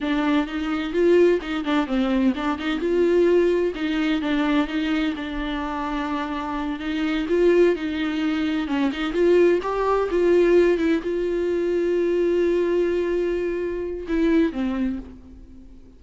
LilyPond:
\new Staff \with { instrumentName = "viola" } { \time 4/4 \tempo 4 = 128 d'4 dis'4 f'4 dis'8 d'8 | c'4 d'8 dis'8 f'2 | dis'4 d'4 dis'4 d'4~ | d'2~ d'8 dis'4 f'8~ |
f'8 dis'2 cis'8 dis'8 f'8~ | f'8 g'4 f'4. e'8 f'8~ | f'1~ | f'2 e'4 c'4 | }